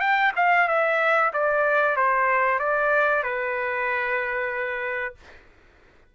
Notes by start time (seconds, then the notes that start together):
0.00 G5
0.36 F5
0.68 E5
1.33 D5
1.97 C5
2.59 D5
3.24 B4